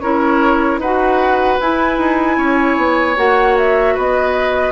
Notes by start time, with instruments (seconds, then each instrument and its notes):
0.00 bassoon C#4, clarinet E4, oboe A#4, flute C#5
0.78 bassoon D#4, clarinet F#4, oboe B4, flute F#5
1.61 bassoon E4, clarinet E4, flute G#5
1.98 bassoon D#4
2.38 bassoon C#4, oboe C#5
2.77 bassoon B3
3.16 bassoon A#3, clarinet F#4, flute F#5
3.58 flute E5
3.95 bassoon B3, oboe B4, flute D#5